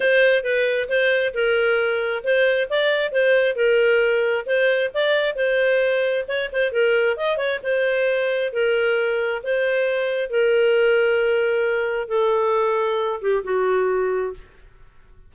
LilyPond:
\new Staff \with { instrumentName = "clarinet" } { \time 4/4 \tempo 4 = 134 c''4 b'4 c''4 ais'4~ | ais'4 c''4 d''4 c''4 | ais'2 c''4 d''4 | c''2 cis''8 c''8 ais'4 |
dis''8 cis''8 c''2 ais'4~ | ais'4 c''2 ais'4~ | ais'2. a'4~ | a'4. g'8 fis'2 | }